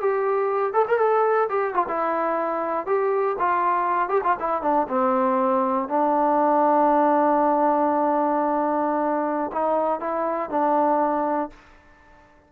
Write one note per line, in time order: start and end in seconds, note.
0.00 0.72 G4
0.72 0.85 A4
0.88 0.98 A#4
0.98 1.48 A4
1.49 1.74 G4
1.74 1.86 F4
1.88 2.86 E4
2.86 3.36 G4
3.38 4.08 F4
4.08 4.21 G4
4.23 4.36 F4
4.39 4.62 E4
4.62 4.87 D4
4.88 5.88 C4
5.88 9.51 D4
9.52 10.00 D#4
10.00 10.50 E4
10.50 11.50 D4